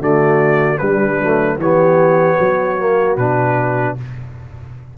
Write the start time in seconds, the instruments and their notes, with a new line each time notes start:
0.00 tuba D3, trombone A3, horn F#4, trumpet D5
0.78 trombone G3, tuba G3, horn D4, trumpet B4
1.22 tuba F#3, trombone A3
1.58 tuba E3, trombone B3, horn G4, trumpet C#5
2.38 tuba F#3, horn F#4
2.79 trombone A#3
3.17 tuba B2, trombone D4, trumpet B4